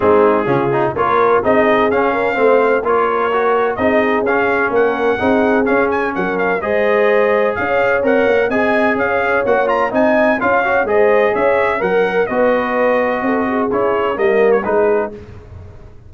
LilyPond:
<<
  \new Staff \with { instrumentName = "trumpet" } { \time 4/4 \tempo 4 = 127 gis'2 cis''4 dis''4 | f''2 cis''2 | dis''4 f''4 fis''2 | f''8 gis''8 fis''8 f''8 dis''2 |
f''4 fis''4 gis''4 f''4 | fis''8 ais''8 gis''4 f''4 dis''4 | e''4 fis''4 dis''2~ | dis''4 cis''4 dis''8. cis''16 b'4 | }
  \new Staff \with { instrumentName = "horn" } { \time 4/4 dis'4 f'4 ais'4 gis'4~ | gis'8 ais'8 c''4 ais'2 | gis'2 ais'4 gis'4~ | gis'4 ais'4 c''2 |
cis''2 dis''4 cis''4~ | cis''4 dis''4 cis''4 c''4 | cis''4 ais'4 b'2 | a'8 gis'4. ais'4 gis'4 | }
  \new Staff \with { instrumentName = "trombone" } { \time 4/4 c'4 cis'8 dis'8 f'4 dis'4 | cis'4 c'4 f'4 fis'4 | dis'4 cis'2 dis'4 | cis'2 gis'2~ |
gis'4 ais'4 gis'2 | fis'8 f'8 dis'4 f'8 fis'8 gis'4~ | gis'4 ais'4 fis'2~ | fis'4 e'4 ais4 dis'4 | }
  \new Staff \with { instrumentName = "tuba" } { \time 4/4 gis4 cis4 ais4 c'4 | cis'4 a4 ais2 | c'4 cis'4 ais4 c'4 | cis'4 fis4 gis2 |
cis'4 c'8 ais8 c'4 cis'4 | ais4 c'4 cis'4 gis4 | cis'4 fis4 b2 | c'4 cis'4 g4 gis4 | }
>>